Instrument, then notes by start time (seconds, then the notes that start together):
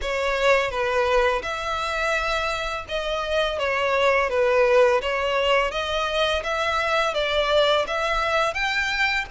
violin
0.01 C#5
0.70 B4
1.42 E5
2.88 D#5
3.58 C#5
4.29 B4
5.01 C#5
5.71 D#5
6.43 E5
7.14 D5
7.87 E5
8.54 G5